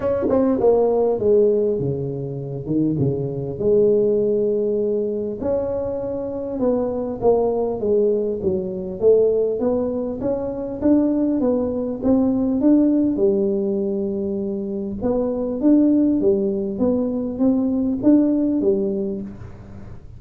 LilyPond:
\new Staff \with { instrumentName = "tuba" } { \time 4/4 \tempo 4 = 100 cis'8 c'8 ais4 gis4 cis4~ | cis8 dis8 cis4 gis2~ | gis4 cis'2 b4 | ais4 gis4 fis4 a4 |
b4 cis'4 d'4 b4 | c'4 d'4 g2~ | g4 b4 d'4 g4 | b4 c'4 d'4 g4 | }